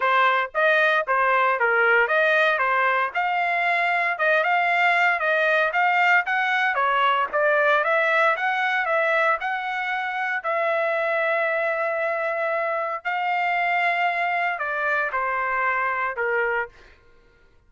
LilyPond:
\new Staff \with { instrumentName = "trumpet" } { \time 4/4 \tempo 4 = 115 c''4 dis''4 c''4 ais'4 | dis''4 c''4 f''2 | dis''8 f''4. dis''4 f''4 | fis''4 cis''4 d''4 e''4 |
fis''4 e''4 fis''2 | e''1~ | e''4 f''2. | d''4 c''2 ais'4 | }